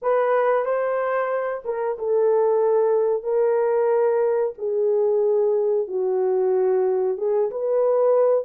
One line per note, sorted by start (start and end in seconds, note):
0.01 0.65 B4
0.65 1.62 C5
1.65 1.97 A#4
1.98 3.23 A4
3.23 4.53 A#4
4.57 5.87 G#4
5.87 7.17 F#4
7.17 7.50 G#4
7.50 8.44 B4